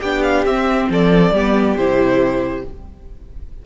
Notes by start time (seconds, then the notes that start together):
0.00 B3 D4 G4 G5
0.22 F5
0.45 C4 E5
0.89 F3 A4 D5
1.31 G3 B3 G4
1.76 C3 E4 C5